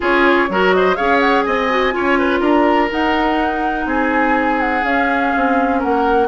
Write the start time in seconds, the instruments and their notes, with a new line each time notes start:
0.00 bassoon C#4, clarinet F4, oboe G#4, flute C#5
0.49 bassoon F#3, clarinet F#4, oboe A#4
0.72 oboe C5, flute D#5
0.95 bassoon C#4, clarinet G#4, oboe C#5, flute F5
1.20 flute F#5
1.41 bassoon C4, oboe D#5, flute G#5
1.69 clarinet F#4
1.92 bassoon C#4, clarinet F4, oboe C#5
2.18 oboe B4
2.40 bassoon D4, oboe A#4, flute A#5
2.90 clarinet D#4, bassoon D#4, flute F#5
3.85 bassoon C4, oboe G#4, flute G#5
4.59 flute F#5
4.83 clarinet C#4, bassoon C#4, flute F5
5.36 bassoon C4
5.79 bassoon A#3, oboe A#4, flute F#5